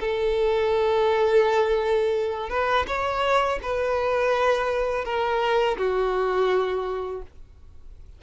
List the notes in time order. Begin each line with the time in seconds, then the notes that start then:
0.00 A4
2.50 B4
2.87 C#5
3.62 B4
5.05 A#4
5.77 F#4